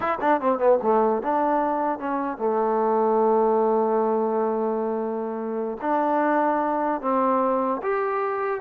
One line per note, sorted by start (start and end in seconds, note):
0.00 0.18 E4
0.20 0.40 D4
0.41 0.58 C4
0.58 0.78 B3
0.82 1.22 A3
1.22 1.99 D4
1.99 2.37 C#4
2.37 5.77 A3
5.81 7.01 D4
7.01 7.81 C4
7.82 8.61 G4